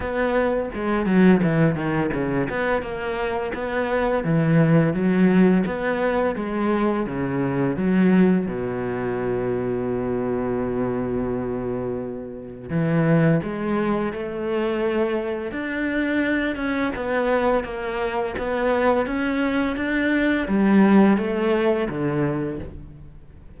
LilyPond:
\new Staff \with { instrumentName = "cello" } { \time 4/4 \tempo 4 = 85 b4 gis8 fis8 e8 dis8 cis8 b8 | ais4 b4 e4 fis4 | b4 gis4 cis4 fis4 | b,1~ |
b,2 e4 gis4 | a2 d'4. cis'8 | b4 ais4 b4 cis'4 | d'4 g4 a4 d4 | }